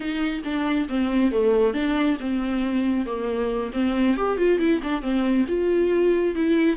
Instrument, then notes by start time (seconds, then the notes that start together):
viola
0.00 D#4
0.44 D4
0.88 C4
1.31 A3
1.73 D4
2.20 C4
3.06 A#3
3.73 C4
4.16 G4
4.37 F4
4.58 E4
4.83 D4
5.01 C4
5.47 F4
6.35 E4